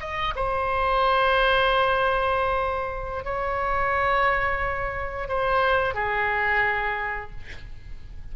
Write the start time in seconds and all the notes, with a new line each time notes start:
0.00 D#5
0.36 C5
3.25 C#5
5.29 C5
5.95 G#4